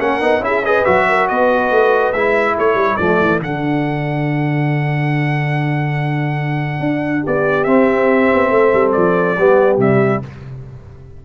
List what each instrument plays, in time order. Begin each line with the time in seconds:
0.00 tuba A#3, trombone C#4, horn A#4, trumpet F#5
0.21 tuba B3, trombone D#4
0.40 tuba C#4, trombone E4, trumpet E5
0.46 horn G#4
0.65 trombone G#4, horn B4, trumpet D#5
0.85 tuba F#3, trombone F#4, trumpet E5
1.09 horn A#4
1.28 tuba B3, horn B4, trumpet D#5
1.71 tuba A3
2.13 tuba G#3, trombone E4, trumpet E5
2.58 tuba A3, horn A4, trumpet C#5
2.75 tuba G3
2.97 tuba F3, trombone A3, trumpet D5
3.21 tuba E3
3.41 tuba D3, trombone D4, trumpet F#5
6.80 tuba D4
7.22 tuba B3, horn G4, trumpet D5
7.64 trombone C4, tuba C4, trumpet E5
8.35 tuba B3
8.50 tuba A3, horn A4
8.74 tuba G3
8.92 tuba F3, trumpet D5
9.38 tuba G3, trombone B3, horn G4
9.78 tuba C3, trombone G3, trumpet E5